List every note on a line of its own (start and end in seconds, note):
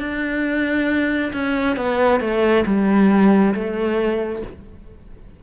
0.00 1.32 D4
1.33 1.77 C#4
1.77 2.21 B3
2.21 2.65 A3
2.66 3.55 G3
3.55 4.43 A3